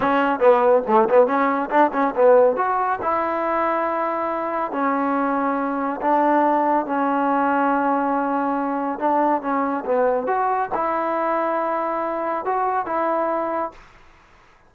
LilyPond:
\new Staff \with { instrumentName = "trombone" } { \time 4/4 \tempo 4 = 140 cis'4 b4 a8 b8 cis'4 | d'8 cis'8 b4 fis'4 e'4~ | e'2. cis'4~ | cis'2 d'2 |
cis'1~ | cis'4 d'4 cis'4 b4 | fis'4 e'2.~ | e'4 fis'4 e'2 | }